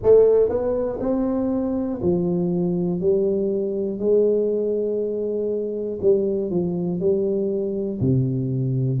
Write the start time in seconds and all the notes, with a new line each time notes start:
0.03 A3
0.49 B3
1.00 C4
2.01 F3
3.00 G3
3.99 G#3
6.01 G3
6.50 F3
7.00 G3
8.00 C3